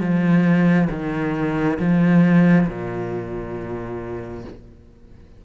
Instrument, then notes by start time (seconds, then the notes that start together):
cello
0.00 F3
0.90 D#3
1.79 F3
2.68 A#2